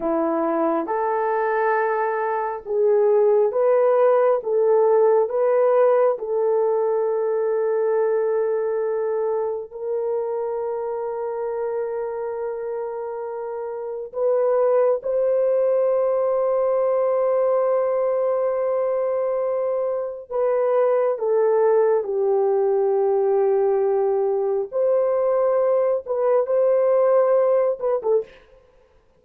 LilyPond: \new Staff \with { instrumentName = "horn" } { \time 4/4 \tempo 4 = 68 e'4 a'2 gis'4 | b'4 a'4 b'4 a'4~ | a'2. ais'4~ | ais'1 |
b'4 c''2.~ | c''2. b'4 | a'4 g'2. | c''4. b'8 c''4. b'16 a'16 | }